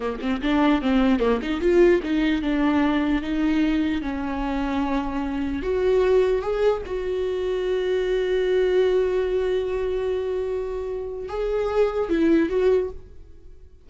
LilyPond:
\new Staff \with { instrumentName = "viola" } { \time 4/4 \tempo 4 = 149 ais8 c'8 d'4 c'4 ais8 dis'8 | f'4 dis'4 d'2 | dis'2 cis'2~ | cis'2 fis'2 |
gis'4 fis'2.~ | fis'1~ | fis'1 | gis'2 e'4 fis'4 | }